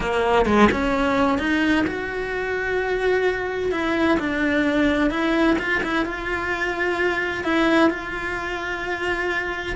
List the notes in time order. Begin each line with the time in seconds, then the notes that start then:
0.00 A#3
0.45 G#3
0.71 C#4
1.38 D#4
1.86 F#4
3.71 E4
4.19 D4
5.10 E4
5.59 F4
5.83 E4
6.05 F4
7.44 E4
7.90 F4